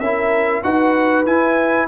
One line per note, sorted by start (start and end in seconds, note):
0.00 0.63 C#4
0.00 0.63 E4
0.00 0.64 A#4
0.00 0.62 E5
0.63 1.26 D#4
0.63 1.26 F#4
0.63 1.88 B4
0.63 1.26 F#5
1.26 1.88 E4
1.26 1.88 G#5